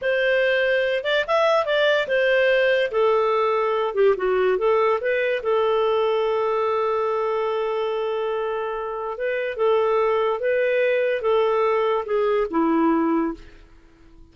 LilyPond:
\new Staff \with { instrumentName = "clarinet" } { \time 4/4 \tempo 4 = 144 c''2~ c''8 d''8 e''4 | d''4 c''2 a'4~ | a'4. g'8 fis'4 a'4 | b'4 a'2.~ |
a'1~ | a'2 b'4 a'4~ | a'4 b'2 a'4~ | a'4 gis'4 e'2 | }